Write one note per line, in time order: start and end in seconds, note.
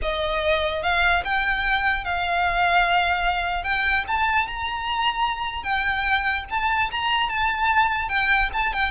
0.02 0.82 D#5
0.82 1.23 F5
1.24 2.04 G5
2.04 3.63 F5
3.63 4.04 G5
4.07 4.47 A5
4.47 5.63 A#5
5.63 6.44 G5
6.49 6.90 A5
6.91 7.29 A#5
7.29 8.09 A5
8.09 8.49 G5
8.53 8.73 A5
8.73 8.91 G5